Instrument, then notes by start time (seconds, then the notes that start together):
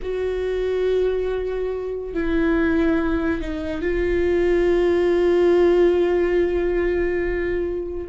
viola
0.02 F#4
2.14 E4
3.41 D#4
3.81 F4